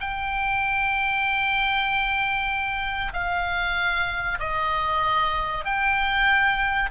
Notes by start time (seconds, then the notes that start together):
0.00 G5
3.13 F5
4.39 D#5
5.65 G5